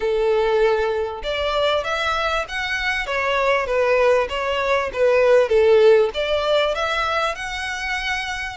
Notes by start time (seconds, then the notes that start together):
0.00 A4
1.23 D5
1.84 E5
2.48 F#5
3.06 C#5
3.66 B4
4.29 C#5
4.93 B4
5.49 A4
6.14 D5
6.75 E5
7.35 F#5